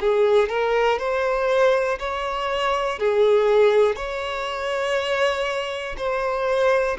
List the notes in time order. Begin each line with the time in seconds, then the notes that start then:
0.00 G#4
0.49 A#4
0.98 C5
1.99 C#5
2.99 G#4
3.95 C#5
5.97 C5